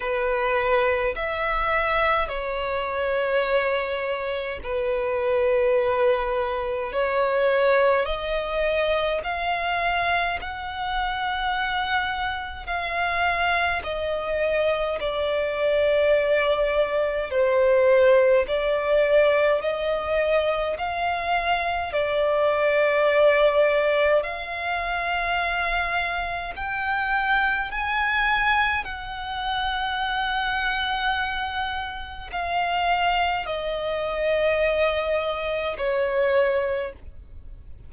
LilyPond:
\new Staff \with { instrumentName = "violin" } { \time 4/4 \tempo 4 = 52 b'4 e''4 cis''2 | b'2 cis''4 dis''4 | f''4 fis''2 f''4 | dis''4 d''2 c''4 |
d''4 dis''4 f''4 d''4~ | d''4 f''2 g''4 | gis''4 fis''2. | f''4 dis''2 cis''4 | }